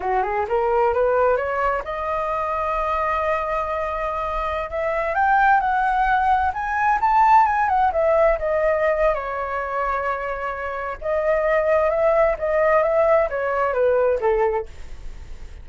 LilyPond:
\new Staff \with { instrumentName = "flute" } { \time 4/4 \tempo 4 = 131 fis'8 gis'8 ais'4 b'4 cis''4 | dis''1~ | dis''2~ dis''16 e''4 g''8.~ | g''16 fis''2 gis''4 a''8.~ |
a''16 gis''8 fis''8 e''4 dis''4.~ dis''16 | cis''1 | dis''2 e''4 dis''4 | e''4 cis''4 b'4 a'4 | }